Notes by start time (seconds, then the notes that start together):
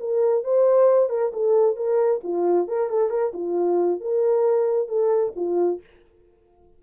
0.00 A#4
0.44 C5
1.10 A#4
1.33 A4
1.76 A#4
2.24 F4
2.68 A#4
2.90 A4
3.10 A#4
3.34 F4
4.01 A#4
4.88 A4
5.36 F4